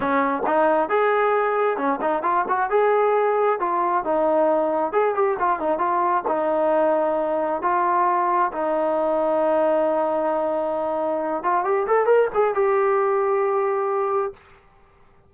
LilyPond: \new Staff \with { instrumentName = "trombone" } { \time 4/4 \tempo 4 = 134 cis'4 dis'4 gis'2 | cis'8 dis'8 f'8 fis'8 gis'2 | f'4 dis'2 gis'8 g'8 | f'8 dis'8 f'4 dis'2~ |
dis'4 f'2 dis'4~ | dis'1~ | dis'4. f'8 g'8 a'8 ais'8 gis'8 | g'1 | }